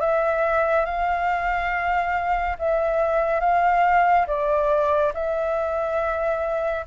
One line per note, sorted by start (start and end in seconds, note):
0.00 0.85 E5
0.85 2.57 F5
2.59 3.40 E5
3.40 4.26 F5
4.27 5.13 D5
5.14 6.85 E5